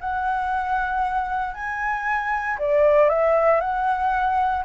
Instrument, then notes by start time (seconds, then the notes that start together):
flute
0.00 F#5
1.54 G#5
2.58 D5
3.09 E5
3.61 F#5